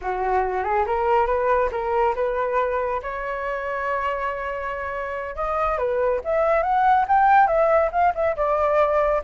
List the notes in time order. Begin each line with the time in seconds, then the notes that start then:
0.01 F#4
0.64 G#4
0.86 A#4
1.26 B4
1.71 A#4
2.15 B4
3.02 C#5
5.35 D#5
5.78 B4
6.24 E5
6.62 F#5
7.08 G5
7.47 E5
7.91 F5
8.14 E5
8.36 D5